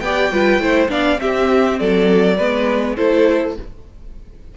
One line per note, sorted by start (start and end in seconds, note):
0.00 0.31 B3
0.00 0.33 G4
0.00 0.33 D5
0.00 0.88 G5
0.32 0.59 G3
0.32 0.61 F4
0.32 0.62 B4
0.59 0.89 A3
0.59 0.89 E4
0.59 0.91 C5
0.89 1.19 B3
0.89 1.18 D4
0.89 1.21 D5
0.89 1.20 F5
1.18 2.36 C4
1.18 1.81 C4
1.18 1.80 G4
1.18 1.79 E5
1.79 2.39 F#3
1.79 2.37 A4
1.79 2.97 D5
2.37 2.98 G#3
2.37 2.97 B3
2.37 2.96 B4
2.97 3.57 A3
2.97 3.56 E4
2.97 3.56 A4
2.97 3.55 C5